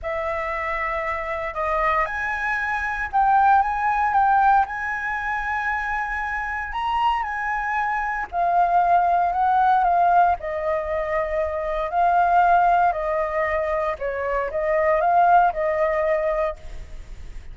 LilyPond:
\new Staff \with { instrumentName = "flute" } { \time 4/4 \tempo 4 = 116 e''2. dis''4 | gis''2 g''4 gis''4 | g''4 gis''2.~ | gis''4 ais''4 gis''2 |
f''2 fis''4 f''4 | dis''2. f''4~ | f''4 dis''2 cis''4 | dis''4 f''4 dis''2 | }